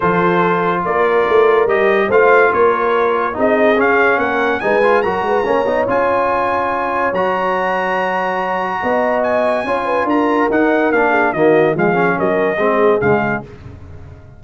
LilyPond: <<
  \new Staff \with { instrumentName = "trumpet" } { \time 4/4 \tempo 4 = 143 c''2 d''2 | dis''4 f''4 cis''2 | dis''4 f''4 fis''4 gis''4 | ais''2 gis''2~ |
gis''4 ais''2.~ | ais''2 gis''2 | ais''4 fis''4 f''4 dis''4 | f''4 dis''2 f''4 | }
  \new Staff \with { instrumentName = "horn" } { \time 4/4 a'2 ais'2~ | ais'4 c''4 ais'2 | gis'2 ais'4 b'4 | ais'8 b'8 cis''2.~ |
cis''1~ | cis''4 dis''2 cis''8 b'8 | ais'2~ ais'8 gis'8 fis'4 | gis'4 ais'4 gis'2 | }
  \new Staff \with { instrumentName = "trombone" } { \time 4/4 f'1 | g'4 f'2. | dis'4 cis'2 dis'8 f'8 | fis'4 cis'8 dis'8 f'2~ |
f'4 fis'2.~ | fis'2. f'4~ | f'4 dis'4 d'4 ais4 | gis8 cis'4. c'4 gis4 | }
  \new Staff \with { instrumentName = "tuba" } { \time 4/4 f2 ais4 a4 | g4 a4 ais2 | c'4 cis'4 ais4 gis4 | fis8 gis8 ais8 b8 cis'2~ |
cis'4 fis2.~ | fis4 b2 cis'4 | d'4 dis'4 ais4 dis4 | f4 fis4 gis4 cis4 | }
>>